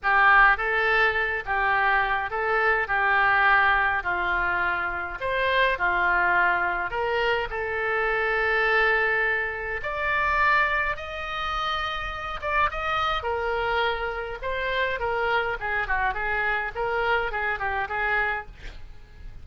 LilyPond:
\new Staff \with { instrumentName = "oboe" } { \time 4/4 \tempo 4 = 104 g'4 a'4. g'4. | a'4 g'2 f'4~ | f'4 c''4 f'2 | ais'4 a'2.~ |
a'4 d''2 dis''4~ | dis''4. d''8 dis''4 ais'4~ | ais'4 c''4 ais'4 gis'8 fis'8 | gis'4 ais'4 gis'8 g'8 gis'4 | }